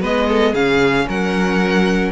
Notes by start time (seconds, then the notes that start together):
0.00 G#3 B3 B4 D#5
0.28 A4
0.52 C#3 C#4 G#4 F5
1.08 F#3 A#4 F#5